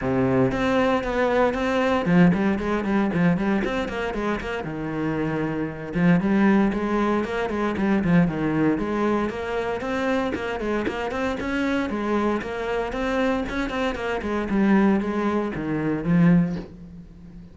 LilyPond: \new Staff \with { instrumentName = "cello" } { \time 4/4 \tempo 4 = 116 c4 c'4 b4 c'4 | f8 g8 gis8 g8 f8 g8 c'8 ais8 | gis8 ais8 dis2~ dis8 f8 | g4 gis4 ais8 gis8 g8 f8 |
dis4 gis4 ais4 c'4 | ais8 gis8 ais8 c'8 cis'4 gis4 | ais4 c'4 cis'8 c'8 ais8 gis8 | g4 gis4 dis4 f4 | }